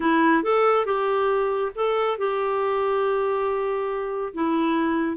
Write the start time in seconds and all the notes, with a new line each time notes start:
0.00 E4
0.43 A4
0.85 G4
1.75 A4
2.18 G4
4.34 E4